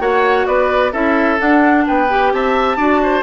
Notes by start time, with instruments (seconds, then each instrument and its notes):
0.00 bassoon A#3, clarinet F#4, oboe C#5, flute F#5
0.46 bassoon B3, oboe B4, flute D5
0.92 bassoon C#4, clarinet E4, oboe A4, flute E5
1.38 clarinet D4, bassoon D4, flute F#5
1.87 bassoon B3, oboe B4, flute G5
2.09 clarinet G4
2.33 bassoon C4, oboe E5, flute A5
2.76 bassoon D4, clarinet F#4, oboe D5
3.03 oboe C5